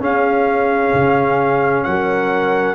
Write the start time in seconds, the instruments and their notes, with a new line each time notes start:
0.00 trombone C#4, tuba C#4, horn G#4, trumpet F5
0.93 tuba C#3
1.83 tuba F#3, horn A#4, trumpet F#5